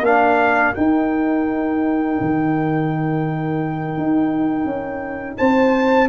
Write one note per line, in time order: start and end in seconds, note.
0.00 0.71 A#3
0.00 0.75 D4
0.00 5.37 A#4
0.00 0.74 F5
0.74 6.09 D#4
0.74 2.19 D#4
0.74 5.37 G5
2.20 3.97 D#3
3.97 4.65 D#4
4.65 5.36 C#4
5.37 6.09 C4
5.37 6.09 C5
5.37 6.08 A5